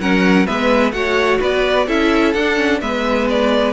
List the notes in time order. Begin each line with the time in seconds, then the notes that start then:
0.00 F#3 C#4 A#4 F#5
0.47 G#3 B3 B4 E5
0.92 A3 F#4 C#5 F#5
1.40 B3 B4 D5
1.88 C#4 E4 A4 E5
2.33 D4 F#5
2.56 C#4
2.81 G#3 B3 B4 E5
3.30 D5